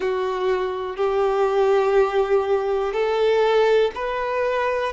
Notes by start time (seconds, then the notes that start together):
0.00 F#4
0.96 G4
2.92 A4
3.94 B4